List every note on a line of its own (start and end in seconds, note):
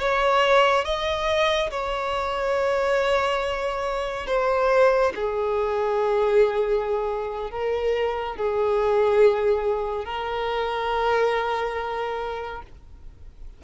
0.00 0.85 C#5
0.85 1.70 D#5
1.71 4.27 C#5
4.27 5.12 C5
5.15 7.51 G#4
7.51 8.36 A#4
8.36 10.05 G#4
10.05 12.62 A#4